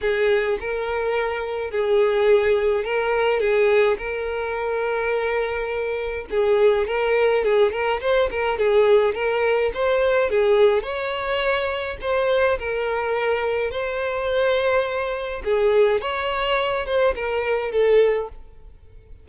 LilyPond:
\new Staff \with { instrumentName = "violin" } { \time 4/4 \tempo 4 = 105 gis'4 ais'2 gis'4~ | gis'4 ais'4 gis'4 ais'4~ | ais'2. gis'4 | ais'4 gis'8 ais'8 c''8 ais'8 gis'4 |
ais'4 c''4 gis'4 cis''4~ | cis''4 c''4 ais'2 | c''2. gis'4 | cis''4. c''8 ais'4 a'4 | }